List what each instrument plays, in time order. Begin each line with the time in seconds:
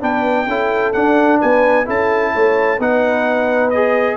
0.00 tuba B3, trombone D4, horn B4, trumpet G5
0.47 tuba C#4, trombone E4, horn A4
0.93 trombone D4, tuba D4, trumpet F#5
1.40 tuba B3, horn B4, trumpet G#5
1.85 tuba C#4, trombone E4, horn A4, trumpet A5
2.33 tuba A3, horn C#5
2.78 tuba B3, trombone D#4, horn B4, trumpet F#5
3.70 trombone G#4, trumpet D#5